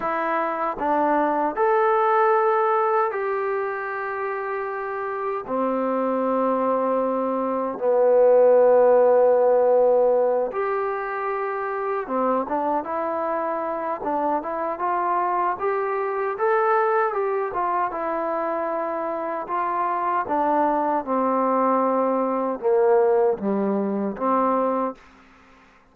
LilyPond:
\new Staff \with { instrumentName = "trombone" } { \time 4/4 \tempo 4 = 77 e'4 d'4 a'2 | g'2. c'4~ | c'2 b2~ | b4. g'2 c'8 |
d'8 e'4. d'8 e'8 f'4 | g'4 a'4 g'8 f'8 e'4~ | e'4 f'4 d'4 c'4~ | c'4 ais4 g4 c'4 | }